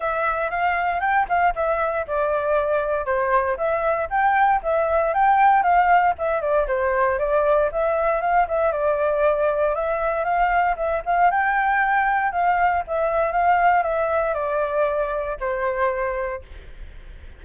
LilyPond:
\new Staff \with { instrumentName = "flute" } { \time 4/4 \tempo 4 = 117 e''4 f''4 g''8 f''8 e''4 | d''2 c''4 e''4 | g''4 e''4 g''4 f''4 | e''8 d''8 c''4 d''4 e''4 |
f''8 e''8 d''2 e''4 | f''4 e''8 f''8 g''2 | f''4 e''4 f''4 e''4 | d''2 c''2 | }